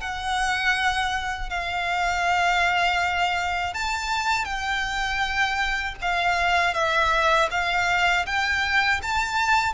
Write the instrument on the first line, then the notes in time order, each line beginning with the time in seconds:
violin
0.00 F#5
1.49 F5
3.74 A5
4.44 G5
6.01 F5
6.74 E5
7.50 F5
8.26 G5
9.02 A5